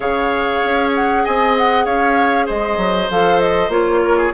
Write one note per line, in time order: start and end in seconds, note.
0.00 0.61 C#3
0.00 3.09 G#4
0.00 1.22 C#5
0.00 0.91 F5
0.64 1.25 C#4
0.95 1.25 F#5
1.24 1.86 C4
1.24 1.85 D#5
1.24 1.56 G#5
1.57 1.85 F#5
1.85 2.48 C#4
1.85 2.46 C#5
1.85 2.47 F5
2.46 2.77 G#3
2.46 4.00 C5
2.46 3.10 D#5
2.77 3.08 F#3
3.10 3.68 F3
3.10 3.70 A4
3.10 3.39 F5
3.39 3.70 D#5
3.68 4.30 A#3
3.68 4.32 F4
3.68 4.33 C#5
4.04 4.17 A#4
4.17 4.32 G#4